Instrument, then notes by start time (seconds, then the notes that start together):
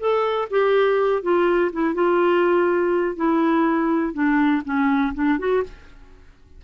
clarinet
0.00 A4
0.51 G4
1.23 F4
1.73 E4
1.95 F4
3.16 E4
4.14 D4
4.65 C#4
5.15 D4
5.39 F#4